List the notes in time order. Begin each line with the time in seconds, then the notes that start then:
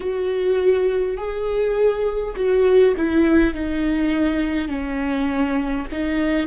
0.00 F#4
1.17 G#4
2.35 F#4
2.97 E4
3.53 D#4
4.68 C#4
5.91 D#4